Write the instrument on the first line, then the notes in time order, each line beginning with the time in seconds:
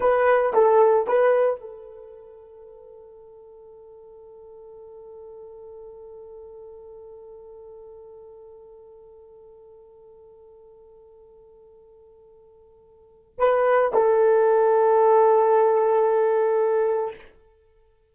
horn
0.00 B4
0.53 A4
1.07 B4
1.60 A4
13.38 B4
13.93 A4